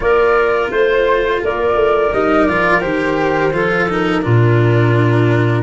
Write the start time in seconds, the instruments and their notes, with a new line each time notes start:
0.00 tuba A#3, cello F4, clarinet A#4, flute D5
0.70 tuba A3, flute C5, clarinet C5
1.42 tuba A#3, clarinet A#4, flute D5
1.75 tuba A3
2.12 tuba G3, cello D#4, flute D#5
2.44 tuba F3, cello F4, flute D5
2.80 tuba D#3, cello G4, flute C5
3.52 tuba F3, cello F4, clarinet A4
3.89 cello D#4, flute A#4
4.22 tuba A#2, cello D4, clarinet F4